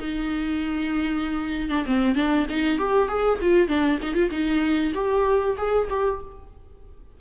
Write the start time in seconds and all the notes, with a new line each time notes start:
0.00 D#4
1.70 D4
1.87 C4
2.16 D4
2.50 D#4
2.79 G4
3.09 G#4
3.42 F4
3.68 D4
4.02 D#4
4.15 F4
4.31 D#4
4.95 G4
5.58 G#4
5.90 G4